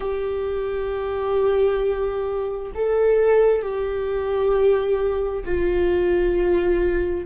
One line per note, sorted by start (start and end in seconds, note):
0.00 2.72 G4
2.74 3.62 A4
3.62 5.43 G4
5.44 7.25 F4